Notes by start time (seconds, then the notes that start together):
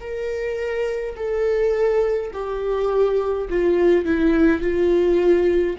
0.00 A#4
1.16 A4
2.33 G4
3.49 F4
4.05 E4
4.61 F4